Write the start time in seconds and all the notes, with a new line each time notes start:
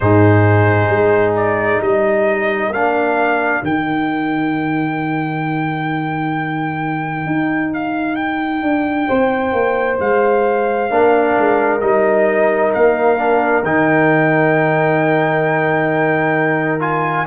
0.00 G#2 D#4 G#4 C5
0.89 G#3
1.35 D5
1.80 G3 A#4 D#5
2.69 A#3 D4 F5
3.62 D#3 D#4 G5
7.26 D#4
7.73 F5
8.15 G5
8.62 D4
9.07 C4 C5
9.52 A#3
9.99 G#3 F5
10.90 A#3 D4 A#4
11.38 G#3
11.80 G3 D#4 D#5
12.73 A#3 F5
13.17 D4
13.63 D#3 D#4 G5
16.79 F4 G#5